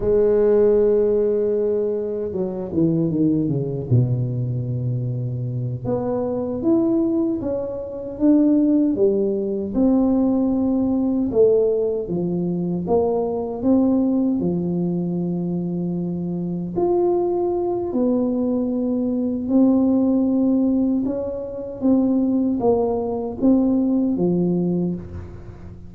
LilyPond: \new Staff \with { instrumentName = "tuba" } { \time 4/4 \tempo 4 = 77 gis2. fis8 e8 | dis8 cis8 b,2~ b,8 b8~ | b8 e'4 cis'4 d'4 g8~ | g8 c'2 a4 f8~ |
f8 ais4 c'4 f4.~ | f4. f'4. b4~ | b4 c'2 cis'4 | c'4 ais4 c'4 f4 | }